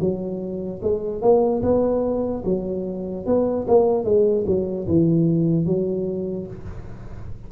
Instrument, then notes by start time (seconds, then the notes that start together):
tuba
0.00 F#3
0.82 G#3
1.22 A#3
1.63 B3
2.45 F#3
3.26 B3
3.67 A#3
4.04 G#3
4.47 F#3
4.88 E3
5.66 F#3